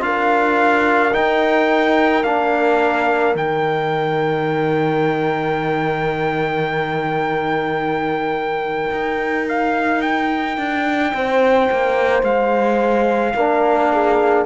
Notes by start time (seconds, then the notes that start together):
0.00 D4 F4 A#4 F5
1.12 D#4 G5
2.24 A#3 D4 F5
3.35 D#3 D#4 G5
8.91 D#4
9.49 F5
10.02 G5
10.57 D4
11.13 C4 C5
11.71 A#3
12.23 G#3 F5
13.34 A#3 D4 A#4
13.93 G#4